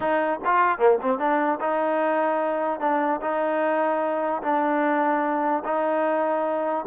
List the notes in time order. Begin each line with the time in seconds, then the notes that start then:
0.00 D#4
0.44 F4
0.78 A#3
1.01 C4
1.19 D4
1.60 D#4
2.80 D4
3.21 D#4
4.42 D4
5.64 D#4